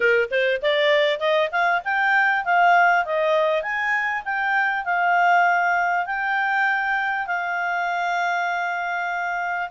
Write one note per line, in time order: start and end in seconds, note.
0.00 0.29 A#4
0.30 0.61 C5
0.62 1.19 D5
1.19 1.49 D#5
1.52 1.82 F5
1.84 2.44 G5
2.44 3.05 F5
3.05 3.62 D#5
3.62 4.23 G#5
4.24 4.84 G5
4.84 6.06 F5
6.06 7.26 G5
7.26 9.69 F5